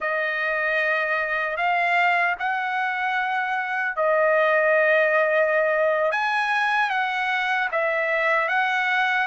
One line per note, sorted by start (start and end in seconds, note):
0.00 1.56 D#5
1.56 2.35 F5
2.39 3.95 F#5
3.95 6.11 D#5
6.11 6.89 G#5
6.89 7.68 F#5
7.72 8.48 E5
8.48 9.27 F#5